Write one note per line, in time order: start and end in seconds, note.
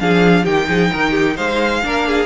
0.00 0.46 F3
0.00 0.45 D4
0.00 0.44 G#4
0.00 0.45 F5
0.44 0.68 D#3
0.44 1.83 D#4
0.44 0.67 G4
0.44 1.37 G5
0.68 0.91 F3
0.68 0.91 G#4
0.92 1.38 D#3
0.92 1.11 A#4
1.11 1.34 G4
1.36 1.85 G#3
1.36 1.82 C5
1.36 2.26 F5
1.83 2.26 A#3
1.83 2.26 D4
1.83 2.08 A#4
2.08 2.26 G#4